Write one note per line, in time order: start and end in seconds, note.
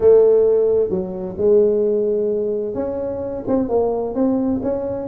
0.00 0.89 A3
0.89 1.35 F#3
1.37 2.74 G#3
2.74 3.43 C#4
3.47 3.68 C4
3.68 4.14 A#3
4.14 4.60 C4
4.62 5.07 C#4